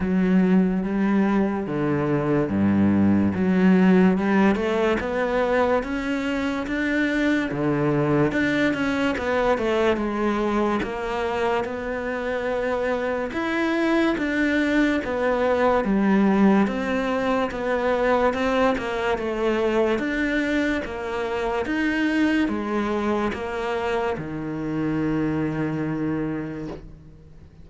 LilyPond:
\new Staff \with { instrumentName = "cello" } { \time 4/4 \tempo 4 = 72 fis4 g4 d4 g,4 | fis4 g8 a8 b4 cis'4 | d'4 d4 d'8 cis'8 b8 a8 | gis4 ais4 b2 |
e'4 d'4 b4 g4 | c'4 b4 c'8 ais8 a4 | d'4 ais4 dis'4 gis4 | ais4 dis2. | }